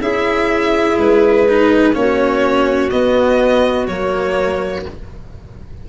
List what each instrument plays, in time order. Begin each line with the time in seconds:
0.00 tuba C#4, cello E4, clarinet G#4, violin E5
0.99 tuba G#3, violin B4
1.49 cello D#4
1.94 tuba A#3, cello C#4, clarinet F#4, violin C#5
2.90 cello B3, tuba B3, violin D#5
3.87 tuba F#3, cello A#3, violin C#5